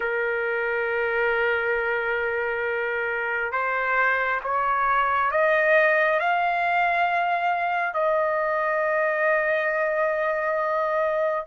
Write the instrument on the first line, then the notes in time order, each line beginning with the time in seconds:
trumpet
0.00 A#4
3.52 C5
4.44 C#5
5.31 D#5
6.19 F5
7.93 D#5